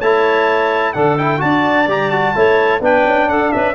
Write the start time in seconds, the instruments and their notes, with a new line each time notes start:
0.00 tuba A3, trombone E4, clarinet C#5, trumpet A5
0.94 tuba D3, trombone D4, clarinet A4, trumpet F#5
1.18 trombone E4, trumpet G5
1.39 tuba D4, trombone F#4, clarinet D5, trumpet A5
1.88 tuba G3, trombone G4, trumpet A#5
2.11 trombone F#4, trumpet A5
2.35 tuba A3, trombone E4, clarinet C#5
2.81 tuba B3, trombone D4, clarinet B4, trumpet G5
3.06 tuba C#4
3.29 tuba D4, clarinet A4, trumpet F#5
3.52 tuba C#4, clarinet B4, trumpet E5